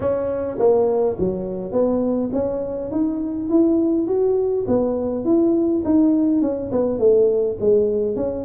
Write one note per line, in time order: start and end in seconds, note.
0.00 0.57 C#4
0.58 1.17 A#3
1.18 1.72 F#3
1.72 2.30 B3
2.32 2.91 C#4
2.91 3.49 D#4
3.50 4.07 E4
4.07 4.65 F#4
4.67 5.25 B3
5.25 5.83 E4
5.84 6.41 D#4
6.41 6.70 C#4
6.71 6.98 B3
6.98 7.57 A3
7.59 8.16 G#3
8.16 8.45 C#4